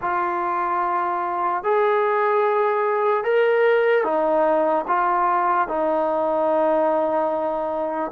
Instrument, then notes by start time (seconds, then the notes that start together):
trombone
0.01 F4
1.63 G#4
3.24 A#4
4.04 D#4
4.87 F4
5.68 D#4